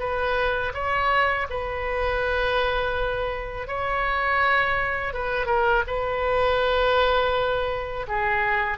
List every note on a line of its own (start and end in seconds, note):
0.00 0.73 B4
0.75 1.48 C#5
1.50 3.68 B4
3.68 5.14 C#5
5.14 5.47 B4
5.47 5.83 A#4
5.88 8.07 B4
8.08 8.78 G#4